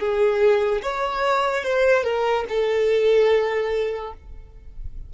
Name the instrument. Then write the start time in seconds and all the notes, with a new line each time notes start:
violin
0.00 G#4
0.83 C#5
1.64 C5
2.04 A#4
2.49 A4